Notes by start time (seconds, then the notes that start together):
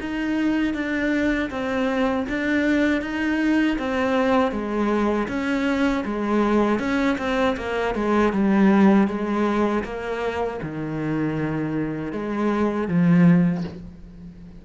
0.00 D#4
0.74 D4
1.50 C4
2.29 D4
3.01 D#4
3.78 C4
4.51 G#3
5.28 C#4
6.04 G#3
6.79 C#4
7.18 C4
7.57 A#3
7.95 G#3
8.33 G3
9.08 G#3
9.84 A#3
10.63 D#3
12.12 G#3
12.88 F3